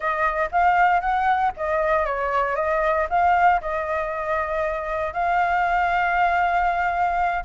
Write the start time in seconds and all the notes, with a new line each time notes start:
0.00 D#5
0.51 F5
1.00 F#5
1.56 D#5
2.05 C#5
2.55 D#5
3.09 F5
3.61 D#5
5.13 F5